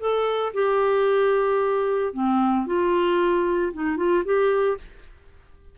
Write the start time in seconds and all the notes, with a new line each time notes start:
0.00 A4
0.54 G4
2.14 C4
2.67 F4
3.73 D#4
3.97 F4
4.25 G4